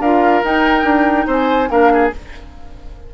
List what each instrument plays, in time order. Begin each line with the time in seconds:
0.00 bassoon D4, clarinet F4, oboe A#4, flute F5
0.44 clarinet D#4, bassoon D#4, flute G5
0.84 bassoon D4
1.27 bassoon C4, oboe C5, flute G#5
1.69 bassoon A#3, clarinet D4, oboe A#4, flute F5
1.93 oboe G#4